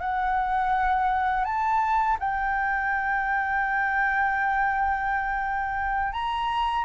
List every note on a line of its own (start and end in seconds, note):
0.00 1.44 F#5
1.44 2.17 A5
2.19 6.12 G5
6.12 6.84 A#5